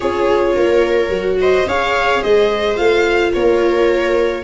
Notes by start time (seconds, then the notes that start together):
0.00 C#4 F4 G#4 C#5
0.55 A#3 A#4
1.09 F#3 F#4
1.41 C5 D#5
1.66 C#4 G#4 C#5 F5
2.21 G#3 C5 D#5
2.76 A3 F4 F5
3.33 A#3 A#4 C#5